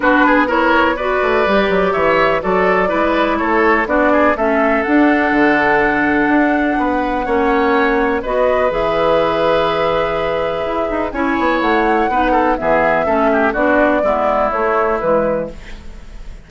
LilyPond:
<<
  \new Staff \with { instrumentName = "flute" } { \time 4/4 \tempo 4 = 124 b'4 cis''4 d''2 | e''4 d''2 cis''4 | d''4 e''4 fis''2~ | fis''1~ |
fis''4 dis''4 e''2~ | e''2. gis''4 | fis''2 e''2 | d''2 cis''4 b'4 | }
  \new Staff \with { instrumentName = "oboe" } { \time 4/4 fis'8 gis'8 ais'4 b'2 | cis''4 a'4 b'4 a'4 | fis'8 gis'8 a'2.~ | a'2 b'4 cis''4~ |
cis''4 b'2.~ | b'2. cis''4~ | cis''4 b'8 a'8 gis'4 a'8 g'8 | fis'4 e'2. | }
  \new Staff \with { instrumentName = "clarinet" } { \time 4/4 d'4 e'4 fis'4 g'4~ | g'4 fis'4 e'2 | d'4 cis'4 d'2~ | d'2. cis'4~ |
cis'4 fis'4 gis'2~ | gis'2. e'4~ | e'4 dis'4 b4 cis'4 | d'4 b4 a4 gis4 | }
  \new Staff \with { instrumentName = "bassoon" } { \time 4/4 b2~ b8 a8 g8 fis8 | e4 fis4 gis4 a4 | b4 a4 d'4 d4~ | d4 d'4 b4 ais4~ |
ais4 b4 e2~ | e2 e'8 dis'8 cis'8 b8 | a4 b4 e4 a4 | b4 gis4 a4 e4 | }
>>